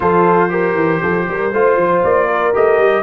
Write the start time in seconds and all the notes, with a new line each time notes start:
0.00 F3 F4 A4 C5
0.49 G4 A#4
0.74 E3
1.01 F3 A4
1.28 G3 A#4
1.52 A3 F4 C5
1.77 F3
2.03 A#3 D5
2.27 A#4
2.53 A3 G4 D#5
2.78 G3